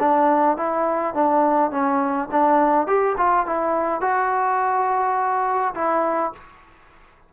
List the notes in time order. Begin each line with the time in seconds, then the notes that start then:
0.00 D4
0.57 E4
1.15 D4
1.72 C#4
2.32 D4
2.87 G4
3.18 F4
3.47 E4
4.02 F#4
5.75 E4